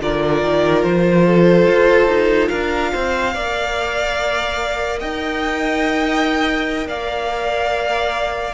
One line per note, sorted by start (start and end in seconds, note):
0.00 0.43 D3
0.00 3.33 F4
0.00 1.26 A#4
0.00 0.83 D5
0.43 0.84 D#3
0.83 1.67 F3
0.83 2.48 C5
1.26 2.49 A4
1.67 2.07 F4
2.07 2.49 D#4
2.48 2.93 D4
2.48 2.91 A#4
2.48 4.98 F5
2.92 3.35 C4
2.92 3.34 C5
3.34 5.02 A#3
3.34 8.54 A#4
3.34 4.99 D5
4.99 6.86 D#4
4.99 6.87 D#5
4.99 6.87 G5
6.86 8.53 A#3
6.86 8.54 D5
6.86 8.54 F5